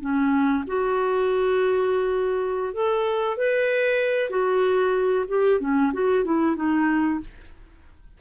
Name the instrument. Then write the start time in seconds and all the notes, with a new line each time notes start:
clarinet
0.00 C#4
0.66 F#4
2.73 A4
3.37 B4
4.29 F#4
5.28 G4
5.60 C#4
5.93 F#4
6.24 E4
6.56 D#4